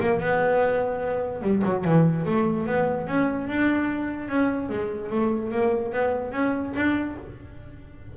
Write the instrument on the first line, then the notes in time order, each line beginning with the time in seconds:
double bass
0.00 A#3
0.20 B3
1.42 G3
1.64 F#3
1.84 E3
2.26 A3
2.66 B3
3.07 C#4
3.47 D4
4.29 C#4
4.69 G#3
5.10 A3
5.51 A#3
5.92 B3
6.32 C#4
6.76 D4